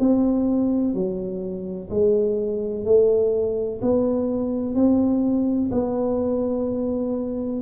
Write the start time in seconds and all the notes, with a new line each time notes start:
0.00 C4
0.94 F#3
1.90 G#3
2.85 A3
3.82 B3
4.75 C4
5.72 B3